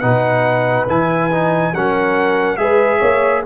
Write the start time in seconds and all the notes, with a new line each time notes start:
0.00 B2 D#4 B4 F#5
0.87 E3 E4 G#5
1.31 D#4
1.74 F#3 C#4 A#4 F#5
2.56 G#3 G#4 B4 E5
2.99 A#3 C#5